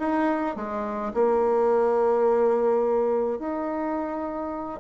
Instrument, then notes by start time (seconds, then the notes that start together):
bassoon
0.00 D#4
0.56 G#3
1.14 A#3
3.39 D#4